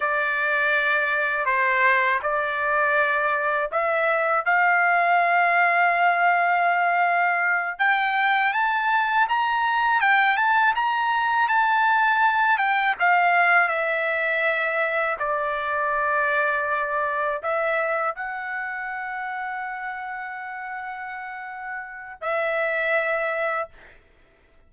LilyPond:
\new Staff \with { instrumentName = "trumpet" } { \time 4/4 \tempo 4 = 81 d''2 c''4 d''4~ | d''4 e''4 f''2~ | f''2~ f''8 g''4 a''8~ | a''8 ais''4 g''8 a''8 ais''4 a''8~ |
a''4 g''8 f''4 e''4.~ | e''8 d''2. e''8~ | e''8 fis''2.~ fis''8~ | fis''2 e''2 | }